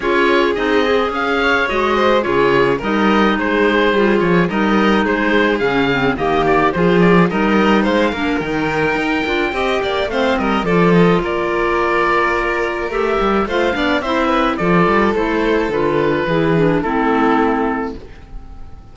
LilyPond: <<
  \new Staff \with { instrumentName = "oboe" } { \time 4/4 \tempo 4 = 107 cis''4 dis''4 f''4 dis''4 | cis''4 dis''4 c''4. cis''8 | dis''4 c''4 f''4 dis''8 d''8 | c''8 d''8 dis''4 f''4 g''4~ |
g''2 f''8 dis''8 d''8 dis''8 | d''2. e''4 | f''4 e''4 d''4 c''4 | b'2 a'2 | }
  \new Staff \with { instrumentName = "violin" } { \time 4/4 gis'2~ gis'8 cis''4 c''8 | gis'4 ais'4 gis'2 | ais'4 gis'2 g'4 | gis'4 ais'4 c''8 ais'4.~ |
ais'4 dis''8 d''8 c''8 ais'8 a'4 | ais'1 | c''8 d''8 c''8 b'8 a'2~ | a'4 gis'4 e'2 | }
  \new Staff \with { instrumentName = "clarinet" } { \time 4/4 f'4 dis'8 gis'4. fis'4 | f'4 dis'2 f'4 | dis'2 cis'8 c'8 ais4 | f'4 dis'4. d'8 dis'4~ |
dis'8 f'8 g'4 c'4 f'4~ | f'2. g'4 | f'8 d'8 e'4 f'4 e'4 | f'4 e'8 d'8 c'2 | }
  \new Staff \with { instrumentName = "cello" } { \time 4/4 cis'4 c'4 cis'4 gis4 | cis4 g4 gis4 g8 f8 | g4 gis4 cis4 dis4 | f4 g4 gis8 ais8 dis4 |
dis'8 d'8 c'8 ais8 a8 g8 f4 | ais2. a8 g8 | a8 b8 c'4 f8 g8 a4 | d4 e4 a2 | }
>>